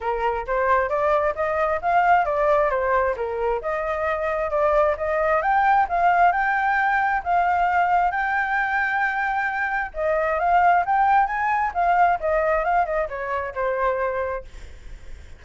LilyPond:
\new Staff \with { instrumentName = "flute" } { \time 4/4 \tempo 4 = 133 ais'4 c''4 d''4 dis''4 | f''4 d''4 c''4 ais'4 | dis''2 d''4 dis''4 | g''4 f''4 g''2 |
f''2 g''2~ | g''2 dis''4 f''4 | g''4 gis''4 f''4 dis''4 | f''8 dis''8 cis''4 c''2 | }